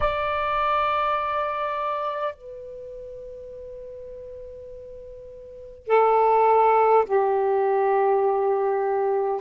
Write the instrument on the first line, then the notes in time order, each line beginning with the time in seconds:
saxophone
0.00 D5
2.35 B4
5.87 A4
7.05 G4